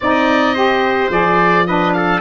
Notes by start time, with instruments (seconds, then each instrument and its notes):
0.00 tuba C4, saxophone D#4, trumpet D5, oboe D#5
0.54 saxophone G4, trumpet C5
1.09 tuba F3, saxophone G#4, oboe D5
1.66 saxophone D4, trumpet B4, oboe D#5
1.93 trumpet A4, oboe F5